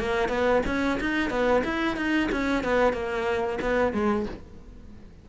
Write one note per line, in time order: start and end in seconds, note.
0.00 0.29 A#3
0.29 0.62 B3
0.67 1.00 C#4
1.01 1.30 D#4
1.30 1.63 B3
1.65 1.97 E4
1.97 2.30 D#4
2.32 2.64 C#4
2.64 2.93 B3
2.93 3.59 A#3
3.62 3.93 B3
3.93 4.26 G#3